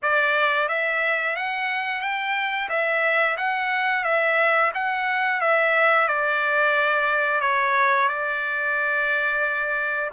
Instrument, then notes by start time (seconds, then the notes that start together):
trumpet
0.02 D5
0.68 E5
1.36 F#5
2.01 G5
2.69 E5
3.37 F#5
4.04 E5
4.74 F#5
5.41 E5
6.07 D5
7.41 C#5
8.08 D5